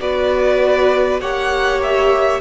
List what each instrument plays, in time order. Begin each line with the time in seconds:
0.00 cello B3, viola F#4, violin B4 D5
1.21 cello A#3, viola G4, violin C#5 F#5
1.83 violin E5